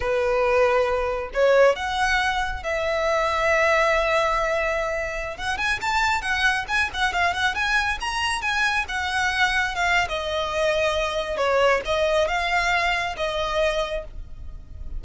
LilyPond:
\new Staff \with { instrumentName = "violin" } { \time 4/4 \tempo 4 = 137 b'2. cis''4 | fis''2 e''2~ | e''1~ | e''16 fis''8 gis''8 a''4 fis''4 gis''8 fis''16~ |
fis''16 f''8 fis''8 gis''4 ais''4 gis''8.~ | gis''16 fis''2 f''8. dis''4~ | dis''2 cis''4 dis''4 | f''2 dis''2 | }